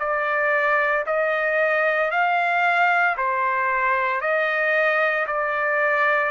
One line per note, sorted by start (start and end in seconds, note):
0.00 1.05 D5
1.07 2.11 D#5
2.11 3.17 F5
3.18 4.22 C5
4.22 5.27 D#5
5.27 6.32 D5